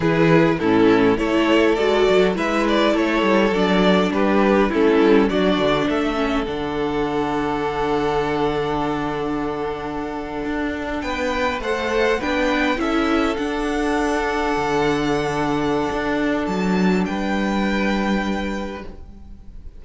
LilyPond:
<<
  \new Staff \with { instrumentName = "violin" } { \time 4/4 \tempo 4 = 102 b'4 a'4 cis''4 d''4 | e''8 d''8 cis''4 d''4 b'4 | a'4 d''4 e''4 fis''4~ | fis''1~ |
fis''2~ fis''8. g''4 fis''16~ | fis''8. g''4 e''4 fis''4~ fis''16~ | fis''1 | a''4 g''2. | }
  \new Staff \with { instrumentName = "violin" } { \time 4/4 gis'4 e'4 a'2 | b'4 a'2 g'4 | e'4 fis'4 a'2~ | a'1~ |
a'2~ a'8. b'4 c''16~ | c''8. b'4 a'2~ a'16~ | a'1~ | a'4 b'2. | }
  \new Staff \with { instrumentName = "viola" } { \time 4/4 e'4 cis'4 e'4 fis'4 | e'2 d'2 | cis'4 d'4. cis'8 d'4~ | d'1~ |
d'2.~ d'8. a'16~ | a'8. d'4 e'4 d'4~ d'16~ | d'1~ | d'1 | }
  \new Staff \with { instrumentName = "cello" } { \time 4/4 e4 a,4 a4 gis8 fis8 | gis4 a8 g8 fis4 g4 | a8 g8 fis8 d8 a4 d4~ | d1~ |
d4.~ d16 d'4 b4 a16~ | a8. b4 cis'4 d'4~ d'16~ | d'8. d2~ d16 d'4 | fis4 g2. | }
>>